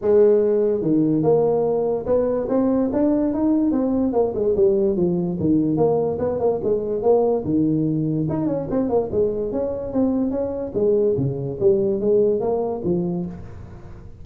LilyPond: \new Staff \with { instrumentName = "tuba" } { \time 4/4 \tempo 4 = 145 gis2 dis4 ais4~ | ais4 b4 c'4 d'4 | dis'4 c'4 ais8 gis8 g4 | f4 dis4 ais4 b8 ais8 |
gis4 ais4 dis2 | dis'8 cis'8 c'8 ais8 gis4 cis'4 | c'4 cis'4 gis4 cis4 | g4 gis4 ais4 f4 | }